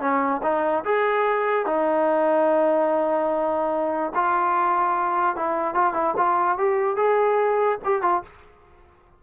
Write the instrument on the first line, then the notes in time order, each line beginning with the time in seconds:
trombone
0.00 C#4
0.42 D#4
0.85 G#4
1.66 D#4
4.15 F4
5.36 E4
5.74 F4
5.93 E4
6.17 F4
6.58 G4
6.96 G#4
7.84 G4
8.02 F4